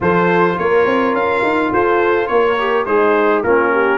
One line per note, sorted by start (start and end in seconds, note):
0.00 0.58 F3
0.00 2.57 F4
0.00 0.58 A4
0.00 0.58 C5
0.58 0.85 A#3
0.58 1.73 A#4
0.58 1.15 C#5
0.85 1.13 C4
1.13 1.41 C#4
1.13 1.72 F5
1.43 1.72 D#4
1.72 2.29 F4
1.72 2.30 A4
1.72 2.27 C5
2.27 2.86 A#3
2.27 2.86 A#4
2.27 2.85 C#5
2.58 2.86 G4
2.85 3.43 G#3
2.85 3.43 D#4
2.85 3.44 G#4
2.85 3.42 C5
3.43 3.98 A#3
3.43 3.98 C#4
3.43 3.71 F4
3.43 3.98 A#4
3.72 3.98 G4